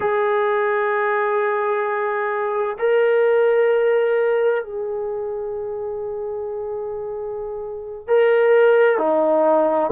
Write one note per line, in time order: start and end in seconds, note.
0.00 2.77 G#4
2.79 4.63 A#4
4.63 8.07 G#4
8.07 8.98 A#4
8.98 9.90 D#4